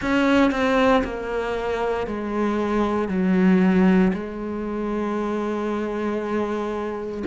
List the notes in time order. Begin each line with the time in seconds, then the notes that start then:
0.01 C#4
0.51 C4
1.03 A#3
2.06 G#3
3.08 F#3
4.13 G#3